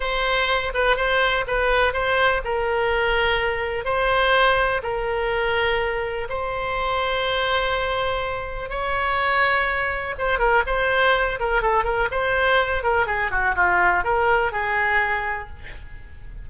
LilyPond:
\new Staff \with { instrumentName = "oboe" } { \time 4/4 \tempo 4 = 124 c''4. b'8 c''4 b'4 | c''4 ais'2. | c''2 ais'2~ | ais'4 c''2.~ |
c''2 cis''2~ | cis''4 c''8 ais'8 c''4. ais'8 | a'8 ais'8 c''4. ais'8 gis'8 fis'8 | f'4 ais'4 gis'2 | }